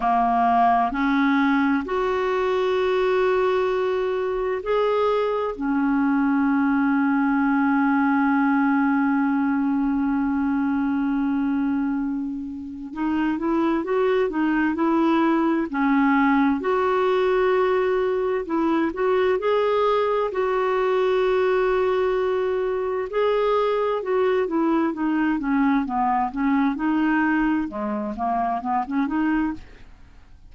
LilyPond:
\new Staff \with { instrumentName = "clarinet" } { \time 4/4 \tempo 4 = 65 ais4 cis'4 fis'2~ | fis'4 gis'4 cis'2~ | cis'1~ | cis'2 dis'8 e'8 fis'8 dis'8 |
e'4 cis'4 fis'2 | e'8 fis'8 gis'4 fis'2~ | fis'4 gis'4 fis'8 e'8 dis'8 cis'8 | b8 cis'8 dis'4 gis8 ais8 b16 cis'16 dis'8 | }